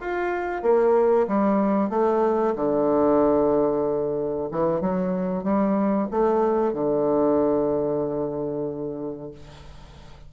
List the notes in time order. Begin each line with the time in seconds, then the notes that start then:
0.00 F4
0.62 A#3
1.27 G3
1.89 A3
2.55 D3
4.51 E3
4.81 F#3
5.43 G3
6.10 A3
6.73 D3